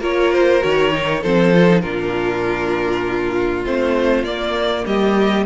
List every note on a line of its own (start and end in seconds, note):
0.00 0.62 A#3
0.00 0.62 F4
0.00 1.21 A#4
0.00 0.33 C#5
0.33 0.64 C5
0.62 1.24 D#3
0.62 0.92 F#4
0.62 1.24 C#5
0.93 1.23 D#4
1.22 1.85 F3
1.22 1.55 C4
1.22 1.83 A4
1.22 1.81 C5
1.55 1.68 F4
1.68 1.83 D#4
1.81 3.66 A#2
1.81 3.66 D4
1.81 4.86 F4
1.81 3.63 A#4
3.66 4.24 A3
3.66 4.26 C4
3.66 4.25 C5
4.24 4.85 A#3
4.24 5.47 A#3
4.24 4.85 D5
4.87 5.47 G3
4.87 5.47 G4
4.87 5.47 D#5